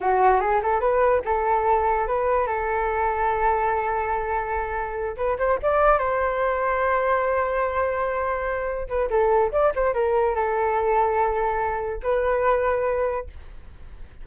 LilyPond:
\new Staff \with { instrumentName = "flute" } { \time 4/4 \tempo 4 = 145 fis'4 gis'8 a'8 b'4 a'4~ | a'4 b'4 a'2~ | a'1~ | a'8 b'8 c''8 d''4 c''4.~ |
c''1~ | c''4. b'8 a'4 d''8 c''8 | ais'4 a'2.~ | a'4 b'2. | }